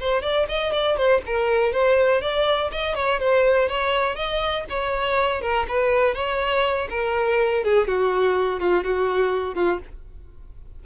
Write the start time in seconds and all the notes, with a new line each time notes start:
0.00 C5
0.22 D5
0.49 D#5
0.73 D5
0.97 C5
1.27 A#4
1.73 C5
2.22 D5
2.72 D#5
2.96 C#5
3.20 C5
3.69 C#5
4.16 D#5
4.70 C#5
5.42 A#4
5.68 B4
6.15 C#5
6.90 A#4
7.64 G#4
7.88 F#4
8.60 F4
8.84 F#4
9.55 F4